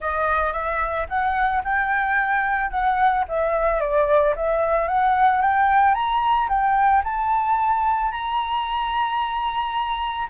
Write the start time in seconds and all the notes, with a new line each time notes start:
0.00 D#5
0.53 E5
1.08 F#5
1.63 G5
2.70 F#5
3.28 E5
3.80 D5
4.36 E5
4.87 F#5
5.41 G5
5.94 A#5
6.49 G5
7.03 A5
8.11 A#5